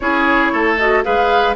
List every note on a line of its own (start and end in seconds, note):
0.00 0.52 C#4
0.00 0.78 E4
0.00 0.52 G#4
0.00 0.76 C#5
0.52 1.04 A3
0.52 1.04 A4
0.77 1.03 F#4
0.77 1.03 D#5
1.03 1.55 G#3
1.03 1.55 G#4
1.03 1.55 B4
1.03 1.55 F5